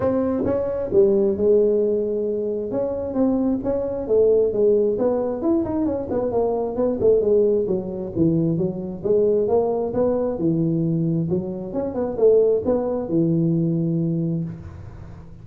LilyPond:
\new Staff \with { instrumentName = "tuba" } { \time 4/4 \tempo 4 = 133 c'4 cis'4 g4 gis4~ | gis2 cis'4 c'4 | cis'4 a4 gis4 b4 | e'8 dis'8 cis'8 b8 ais4 b8 a8 |
gis4 fis4 e4 fis4 | gis4 ais4 b4 e4~ | e4 fis4 cis'8 b8 a4 | b4 e2. | }